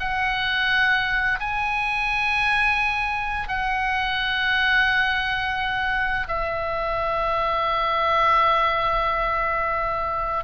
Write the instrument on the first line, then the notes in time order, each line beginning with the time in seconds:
oboe
0.00 F#5
1.40 G#5
3.49 F#5
6.28 E5